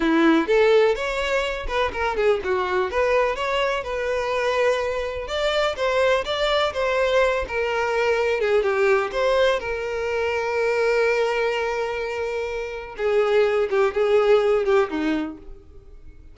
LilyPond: \new Staff \with { instrumentName = "violin" } { \time 4/4 \tempo 4 = 125 e'4 a'4 cis''4. b'8 | ais'8 gis'8 fis'4 b'4 cis''4 | b'2. d''4 | c''4 d''4 c''4. ais'8~ |
ais'4. gis'8 g'4 c''4 | ais'1~ | ais'2. gis'4~ | gis'8 g'8 gis'4. g'8 dis'4 | }